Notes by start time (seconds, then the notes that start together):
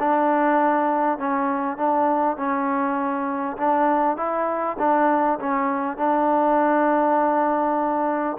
0.00 D4
1.19 C#4
1.77 D4
2.37 C#4
3.57 D4
4.17 E4
4.79 D4
5.39 C#4
5.97 D4